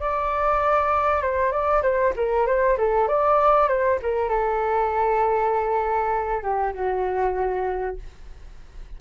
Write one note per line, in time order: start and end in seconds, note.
0.00 1.22 D5
1.22 1.52 C5
1.52 1.82 D5
1.83 2.13 C5
2.16 2.47 A#4
2.47 2.77 C5
2.78 3.08 A4
3.08 3.68 D5
3.68 3.99 C5
4.02 4.29 A#4
4.29 6.43 A4
6.43 6.73 G4
6.74 7.96 F#4